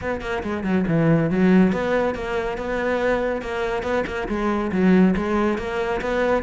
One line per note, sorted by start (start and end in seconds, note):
0.01 0.21 B3
0.21 0.42 A#3
0.43 0.63 G#3
0.63 0.85 F#3
0.87 1.30 E3
1.30 1.72 F#3
1.72 2.14 B3
2.14 2.57 A#3
2.57 3.41 B3
3.41 3.82 A#3
3.82 4.04 B3
4.06 4.28 A#3
4.28 4.71 G#3
4.72 5.14 F#3
5.16 5.58 G#3
5.58 6.00 A#3
6.01 6.43 B3